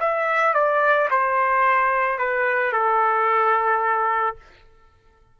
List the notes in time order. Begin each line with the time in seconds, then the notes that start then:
0.00 E5
0.54 D5
1.10 C5
2.18 B4
2.73 A4